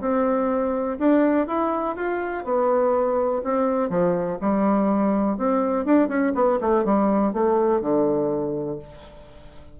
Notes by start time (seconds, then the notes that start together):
0.00 C4
0.98 D4
1.47 E4
1.96 F4
2.44 B3
3.43 C4
3.89 F3
4.41 G3
5.37 C4
5.85 D4
6.08 C#4
6.34 B3
6.61 A3
6.84 G3
7.33 A3
7.81 D3